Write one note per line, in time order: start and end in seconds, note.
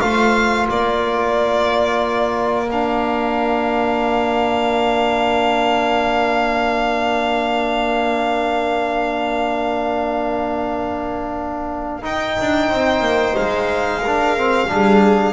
0.00 0.68 A3
0.00 2.67 F4
0.00 0.70 C5
0.00 0.67 F5
0.69 12.02 A#3
0.69 12.69 A#4
0.69 2.70 D5
2.71 12.02 D4
2.71 12.04 F5
12.02 14.02 D#4
12.02 12.37 D#4
12.02 13.36 G5
12.41 12.71 D4
12.69 13.01 C4
12.69 14.01 C5
13.01 13.34 A#3
13.36 14.71 G#3
13.36 15.33 F5
14.01 14.38 D4
14.01 14.68 A#4
14.38 14.68 C4
14.68 15.33 G3
14.68 15.33 D4
14.68 15.33 G#4